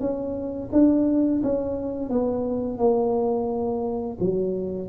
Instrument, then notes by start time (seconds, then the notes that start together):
tuba
0.00 C#4
0.72 D4
1.43 C#4
2.10 B3
2.78 A#3
4.20 F#3